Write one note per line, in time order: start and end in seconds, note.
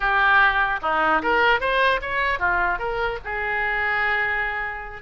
0.00 0.79 G4
0.82 1.22 D#4
1.22 1.60 A#4
1.60 2.00 C5
2.01 2.39 C#5
2.39 2.79 F4
2.79 3.19 A#4
3.24 5.01 G#4